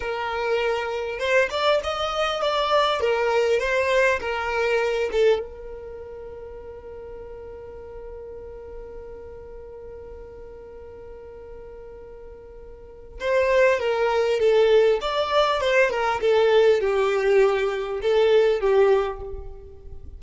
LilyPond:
\new Staff \with { instrumentName = "violin" } { \time 4/4 \tempo 4 = 100 ais'2 c''8 d''8 dis''4 | d''4 ais'4 c''4 ais'4~ | ais'8 a'8 ais'2.~ | ais'1~ |
ais'1~ | ais'2 c''4 ais'4 | a'4 d''4 c''8 ais'8 a'4 | g'2 a'4 g'4 | }